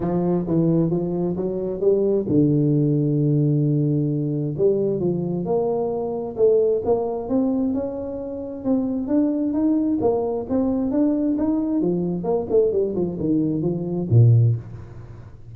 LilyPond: \new Staff \with { instrumentName = "tuba" } { \time 4/4 \tempo 4 = 132 f4 e4 f4 fis4 | g4 d2.~ | d2 g4 f4 | ais2 a4 ais4 |
c'4 cis'2 c'4 | d'4 dis'4 ais4 c'4 | d'4 dis'4 f4 ais8 a8 | g8 f8 dis4 f4 ais,4 | }